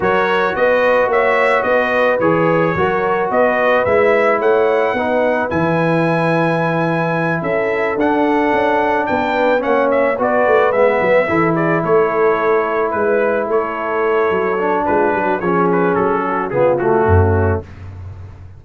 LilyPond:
<<
  \new Staff \with { instrumentName = "trumpet" } { \time 4/4 \tempo 4 = 109 cis''4 dis''4 e''4 dis''4 | cis''2 dis''4 e''4 | fis''2 gis''2~ | gis''4. e''4 fis''4.~ |
fis''8 g''4 fis''8 e''8 d''4 e''8~ | e''4 d''8 cis''2 b'8~ | b'8 cis''2~ cis''8 b'4 | cis''8 b'8 a'4 gis'8 fis'4. | }
  \new Staff \with { instrumentName = "horn" } { \time 4/4 ais'4 b'4 cis''4 b'4~ | b'4 ais'4 b'2 | cis''4 b'2.~ | b'4. a'2~ a'8~ |
a'8 b'4 cis''4 b'4.~ | b'8 a'8 gis'8 a'2 b'8~ | b'8 a'2~ a'8 f'8 fis'8 | gis'4. fis'8 f'4 cis'4 | }
  \new Staff \with { instrumentName = "trombone" } { \time 4/4 fis'1 | gis'4 fis'2 e'4~ | e'4 dis'4 e'2~ | e'2~ e'8 d'4.~ |
d'4. cis'4 fis'4 b8~ | b8 e'2.~ e'8~ | e'2~ e'8 d'4. | cis'2 b8 a4. | }
  \new Staff \with { instrumentName = "tuba" } { \time 4/4 fis4 b4 ais4 b4 | e4 fis4 b4 gis4 | a4 b4 e2~ | e4. cis'4 d'4 cis'8~ |
cis'8 b4 ais4 b8 a8 gis8 | fis8 e4 a2 gis8~ | gis8 a4. fis4 gis8 fis8 | f4 fis4 cis4 fis,4 | }
>>